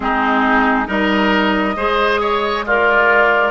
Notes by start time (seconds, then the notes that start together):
0.00 G#3 C4 D#4 G#4
0.85 G3 D#4 A#4 D#5
1.75 G#3 G#4 C5
2.21 C#5
2.65 F4 A#4 D5